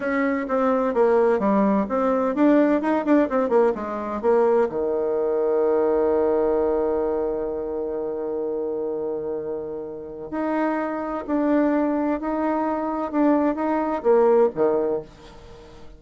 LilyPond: \new Staff \with { instrumentName = "bassoon" } { \time 4/4 \tempo 4 = 128 cis'4 c'4 ais4 g4 | c'4 d'4 dis'8 d'8 c'8 ais8 | gis4 ais4 dis2~ | dis1~ |
dis1~ | dis2 dis'2 | d'2 dis'2 | d'4 dis'4 ais4 dis4 | }